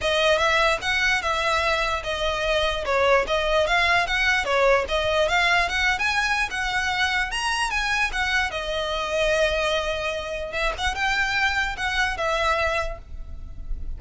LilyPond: \new Staff \with { instrumentName = "violin" } { \time 4/4 \tempo 4 = 148 dis''4 e''4 fis''4 e''4~ | e''4 dis''2 cis''4 | dis''4 f''4 fis''4 cis''4 | dis''4 f''4 fis''8. gis''4~ gis''16 |
fis''2 ais''4 gis''4 | fis''4 dis''2.~ | dis''2 e''8 fis''8 g''4~ | g''4 fis''4 e''2 | }